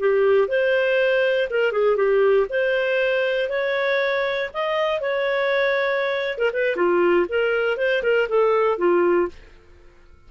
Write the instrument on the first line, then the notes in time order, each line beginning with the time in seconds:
clarinet
0.00 G4
0.48 C5
1.50 A#4
1.72 G#4
1.97 G4
2.50 C5
3.50 C#5
4.54 D#5
5.01 C#5
6.39 A#4
6.53 B4
6.77 F4
7.29 A#4
7.78 C5
8.03 A#4
8.29 A4
8.78 F4